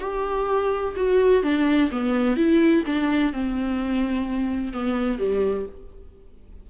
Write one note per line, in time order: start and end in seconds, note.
0.00 0.94 G4
0.96 1.43 F#4
1.43 1.90 D4
1.91 2.36 B3
2.36 2.84 E4
2.86 3.32 D4
3.32 4.73 C4
4.73 5.18 B3
5.18 5.66 G3